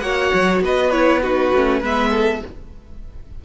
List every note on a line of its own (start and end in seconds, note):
0.00 0.32 A#3
0.00 0.93 F#4
0.00 0.64 C#5
0.00 0.60 F#5
0.34 0.61 F#3
0.61 1.51 B3
0.61 1.23 B4
0.61 0.91 D#5
0.91 1.23 E4
0.91 1.21 C#5
1.23 1.54 D#4
1.23 1.80 F#4
1.23 1.83 B4
1.54 1.82 A3
1.54 1.84 C#4
1.80 2.42 G#3
1.80 2.44 B3
1.80 2.10 B4
1.80 2.45 E5
2.11 2.41 A4